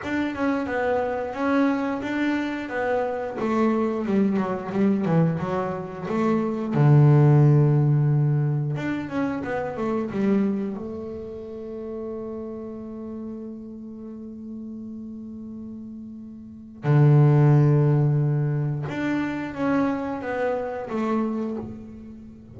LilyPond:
\new Staff \with { instrumentName = "double bass" } { \time 4/4 \tempo 4 = 89 d'8 cis'8 b4 cis'4 d'4 | b4 a4 g8 fis8 g8 e8 | fis4 a4 d2~ | d4 d'8 cis'8 b8 a8 g4 |
a1~ | a1~ | a4 d2. | d'4 cis'4 b4 a4 | }